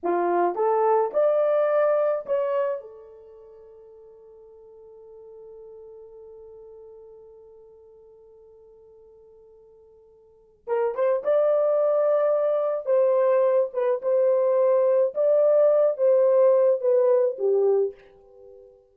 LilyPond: \new Staff \with { instrumentName = "horn" } { \time 4/4 \tempo 4 = 107 f'4 a'4 d''2 | cis''4 a'2.~ | a'1~ | a'1~ |
a'2. ais'8 c''8 | d''2. c''4~ | c''8 b'8 c''2 d''4~ | d''8 c''4. b'4 g'4 | }